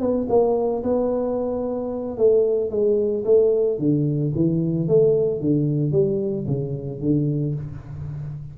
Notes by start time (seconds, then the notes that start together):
0.00 B3
0.29 A#3
0.83 B3
2.17 A3
2.70 G#3
3.24 A3
3.78 D3
4.35 E3
4.88 A3
5.41 D3
5.92 G3
6.47 C#3
7.00 D3